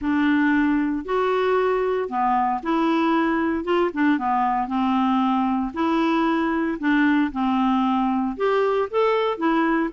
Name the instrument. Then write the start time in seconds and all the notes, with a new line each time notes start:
clarinet
0.01 D4
1.05 F#4
2.08 B3
2.63 E4
3.64 F4
3.93 D4
4.18 B3
4.67 C4
5.73 E4
6.79 D4
7.32 C4
8.36 G4
8.90 A4
9.37 E4